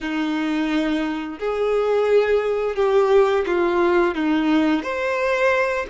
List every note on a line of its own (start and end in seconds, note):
0.00 1.38 D#4
1.39 2.75 G#4
2.75 3.44 G4
3.46 4.14 F4
4.14 4.82 D#4
4.82 5.86 C5